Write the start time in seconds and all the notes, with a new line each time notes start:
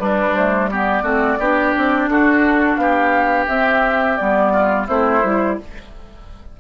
0.00 G3 D4 B4
0.35 A3 C5
0.70 B3 G4 D5
1.03 A3 C4 F#4
1.39 B3 D4 G4
1.78 C4
2.08 D4 F#4 A4
2.76 B3 G4 F5
3.48 C4 E5
4.18 G3 B3 D5
4.53 F4
4.87 A3 C4 E4 C5
5.24 G3 E4